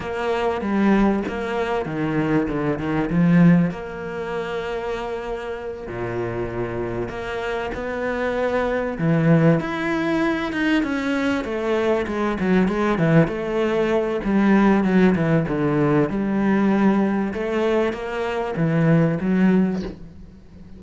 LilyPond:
\new Staff \with { instrumentName = "cello" } { \time 4/4 \tempo 4 = 97 ais4 g4 ais4 dis4 | d8 dis8 f4 ais2~ | ais4. ais,2 ais8~ | ais8 b2 e4 e'8~ |
e'4 dis'8 cis'4 a4 gis8 | fis8 gis8 e8 a4. g4 | fis8 e8 d4 g2 | a4 ais4 e4 fis4 | }